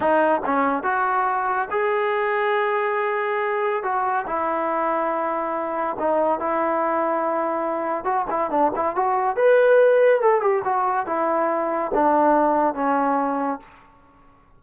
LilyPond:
\new Staff \with { instrumentName = "trombone" } { \time 4/4 \tempo 4 = 141 dis'4 cis'4 fis'2 | gis'1~ | gis'4 fis'4 e'2~ | e'2 dis'4 e'4~ |
e'2. fis'8 e'8 | d'8 e'8 fis'4 b'2 | a'8 g'8 fis'4 e'2 | d'2 cis'2 | }